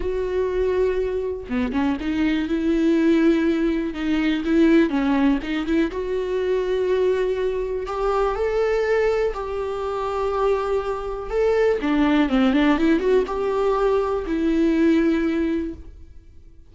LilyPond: \new Staff \with { instrumentName = "viola" } { \time 4/4 \tempo 4 = 122 fis'2. b8 cis'8 | dis'4 e'2. | dis'4 e'4 cis'4 dis'8 e'8 | fis'1 |
g'4 a'2 g'4~ | g'2. a'4 | d'4 c'8 d'8 e'8 fis'8 g'4~ | g'4 e'2. | }